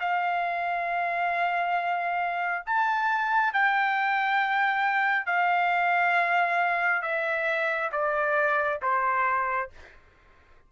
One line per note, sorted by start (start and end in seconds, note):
0.00 2.65 F5
2.66 3.53 A5
3.53 5.26 G5
5.26 7.02 F5
7.02 7.91 E5
7.92 8.80 D5
8.82 9.70 C5